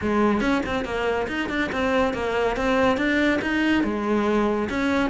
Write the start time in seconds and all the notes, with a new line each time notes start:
0.01 G#3
0.40 C#4
0.66 C4
0.84 A#3
1.27 D#4
1.49 D4
1.72 C4
2.13 A#3
2.56 C4
2.97 D4
3.41 D#4
3.83 G#3
4.69 C#4